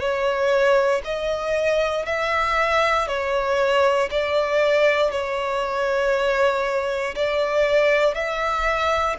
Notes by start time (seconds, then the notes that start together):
0.00 C#5
1.04 D#5
2.06 E5
3.08 C#5
4.11 D5
5.12 C#5
7.16 D5
8.14 E5